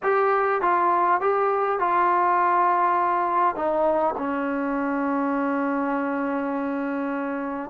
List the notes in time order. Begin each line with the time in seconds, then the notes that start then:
0.02 G4
0.61 F4
1.20 G4
1.79 F4
3.55 D#4
4.17 C#4